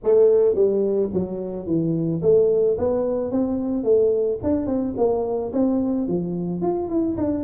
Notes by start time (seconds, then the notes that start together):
0.03 A3
0.54 G3
1.13 F#3
1.66 E3
2.22 A3
2.77 B3
3.31 C4
3.83 A3
4.43 D4
4.66 C4
4.97 A#3
5.52 C4
6.07 F3
6.61 F4
6.89 E4
7.17 D4